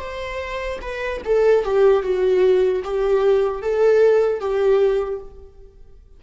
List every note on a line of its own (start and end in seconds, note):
0.00 0.80 C5
0.82 1.22 B4
1.25 1.65 A4
1.65 2.03 G4
2.03 2.83 F#4
2.84 3.63 G4
3.63 4.40 A4
4.40 5.20 G4